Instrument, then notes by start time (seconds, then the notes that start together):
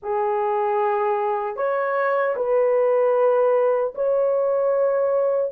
horn
0.02 G#4
1.56 C#5
2.36 B4
3.94 C#5